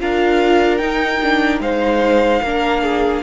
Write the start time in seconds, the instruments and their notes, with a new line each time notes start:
0.00 cello D4, viola F4, violin A#4 F5
0.78 viola D#4, cello D#4, violin G5
1.23 viola D4
1.60 cello G#3, viola D#4, violin C5 F5
2.42 cello A#3, viola D4, violin A#4
2.83 violin G#4